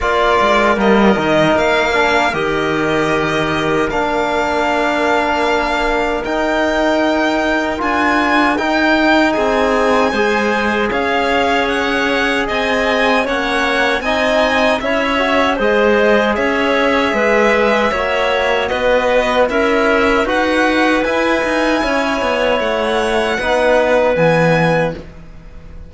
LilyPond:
<<
  \new Staff \with { instrumentName = "violin" } { \time 4/4 \tempo 4 = 77 d''4 dis''4 f''4 dis''4~ | dis''4 f''2. | g''2 gis''4 g''4 | gis''2 f''4 fis''4 |
gis''4 fis''4 gis''4 e''4 | dis''4 e''2. | dis''4 e''4 fis''4 gis''4~ | gis''4 fis''2 gis''4 | }
  \new Staff \with { instrumentName = "clarinet" } { \time 4/4 ais'1~ | ais'1~ | ais'1 | gis'4 c''4 cis''2 |
dis''4 cis''4 dis''4 cis''4 | c''4 cis''4 b'4 cis''4 | b'4 ais'4 b'2 | cis''2 b'2 | }
  \new Staff \with { instrumentName = "trombone" } { \time 4/4 f'4 ais8 dis'4 d'8 g'4~ | g'4 d'2. | dis'2 f'4 dis'4~ | dis'4 gis'2.~ |
gis'4 cis'4 dis'4 e'8 fis'8 | gis'2. fis'4~ | fis'4 e'4 fis'4 e'4~ | e'2 dis'4 b4 | }
  \new Staff \with { instrumentName = "cello" } { \time 4/4 ais8 gis8 g8 dis8 ais4 dis4~ | dis4 ais2. | dis'2 d'4 dis'4 | c'4 gis4 cis'2 |
c'4 ais4 c'4 cis'4 | gis4 cis'4 gis4 ais4 | b4 cis'4 dis'4 e'8 dis'8 | cis'8 b8 a4 b4 e4 | }
>>